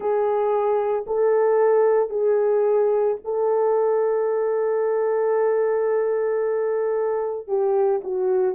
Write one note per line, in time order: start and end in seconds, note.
0.00 1.05 G#4
1.07 2.09 A4
2.09 3.17 G#4
3.24 7.47 A4
7.47 8.01 G4
8.03 8.55 F#4